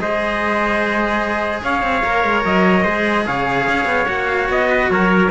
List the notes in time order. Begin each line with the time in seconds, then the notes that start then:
0.00 G#3 G#4 C5 D#5
1.64 C#4 C#5 F5
1.83 C4
2.04 A#3 A#4
2.25 G#3
2.45 F#3 D#5
2.84 G#3 G#4 C5
3.27 C#3 C#5 F5
3.68 C#4
3.86 B3
4.06 A#3 F#4 F#5
4.28 F5
4.49 B3 D#5
4.70 B4
4.90 F#3 A#4 C#5